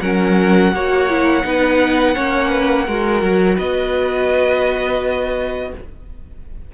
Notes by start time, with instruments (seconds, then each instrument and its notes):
0.00 cello F#3, viola C#4, violin A#4 F#5
0.73 cello A#3, viola F#4, violin C#5
1.10 viola E4
1.43 cello B3, viola D#4, violin B4
2.15 cello A#3, viola C#4, violin C#5
2.49 violin B4
2.86 cello G#3, viola F#4, violin A#4
3.22 cello F#3
3.56 cello B3, violin B4 D#5